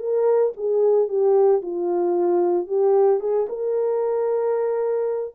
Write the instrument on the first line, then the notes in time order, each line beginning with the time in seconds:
horn
0.00 A#4
0.57 G#4
1.09 G4
1.63 F4
2.67 G4
3.21 G#4
3.49 A#4